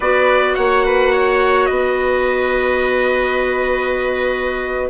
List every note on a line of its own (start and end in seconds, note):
0.00 0.55 B3
0.00 4.89 F#4
0.00 0.55 B4
0.00 0.54 D5
0.54 1.69 A#3
0.54 0.84 C#5
0.54 1.65 F#5
0.84 1.12 B4
1.12 1.68 C#5
1.65 4.89 B3
1.65 4.89 B4
1.65 4.88 D#5